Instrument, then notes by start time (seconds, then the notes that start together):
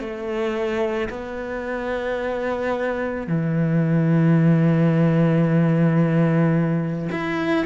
cello
0.00 A3
1.10 B3
3.28 E3
7.12 E4